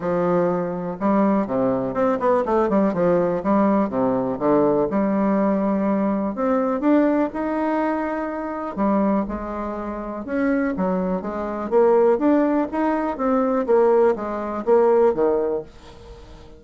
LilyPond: \new Staff \with { instrumentName = "bassoon" } { \time 4/4 \tempo 4 = 123 f2 g4 c4 | c'8 b8 a8 g8 f4 g4 | c4 d4 g2~ | g4 c'4 d'4 dis'4~ |
dis'2 g4 gis4~ | gis4 cis'4 fis4 gis4 | ais4 d'4 dis'4 c'4 | ais4 gis4 ais4 dis4 | }